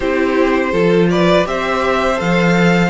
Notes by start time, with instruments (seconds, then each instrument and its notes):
0.00 cello C4, viola E4, violin G4 C5
0.71 cello F3, viola F4, violin A4
1.10 violin B4 D5
1.45 cello C4, viola G4, violin C5 E5
2.16 cello F3, viola A4, violin F5